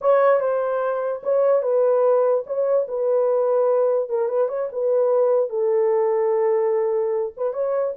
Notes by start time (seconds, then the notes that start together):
0.01 C#5
0.40 C5
1.23 C#5
1.62 B4
2.46 C#5
2.88 B4
4.09 A#4
4.28 B4
4.48 C#5
4.72 B4
5.49 A4
7.36 B4
7.53 C#5